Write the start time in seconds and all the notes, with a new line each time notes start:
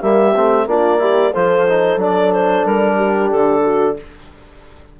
0.00 G3 A#3 G4 E5
0.35 A3 C4
0.66 A#3 D4 F4 D5
0.99 E4 G4
1.33 F3 F4 A4 C5
1.68 D#4
1.97 F#3 D4 D5
2.33 C5
2.66 G3 A#4
2.96 G4
3.30 D3 A4
3.63 F#4